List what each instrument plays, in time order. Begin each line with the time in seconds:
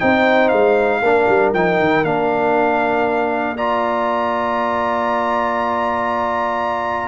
0.00 tuba C4, trombone D#4, horn C5, trumpet G5
0.48 tuba G#3, trumpet F5
1.01 tuba A#3, trombone D4, horn A#4
1.28 tuba G3
1.53 tuba F3, trombone D#4, trumpet G5
1.79 tuba D#3
2.03 tuba A#3, trombone D4, trumpet F5
3.55 trombone F4, horn D5, trumpet A#5